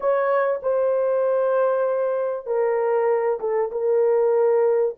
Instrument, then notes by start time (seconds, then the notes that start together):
horn
0.00 C#5
0.62 C5
2.46 A#4
3.39 A4
3.71 A#4